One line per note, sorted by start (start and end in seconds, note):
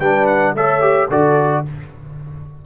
0.00 0.54 G3
0.00 0.56 D4
0.00 0.55 B4
0.00 0.27 G5
0.27 0.54 F#5
0.54 1.09 A3
0.54 0.81 A4
0.54 1.08 C#5
0.54 1.11 E5
0.81 1.09 G4
1.08 1.64 D3
1.08 1.65 F#4
1.08 1.63 A4
1.08 1.66 D5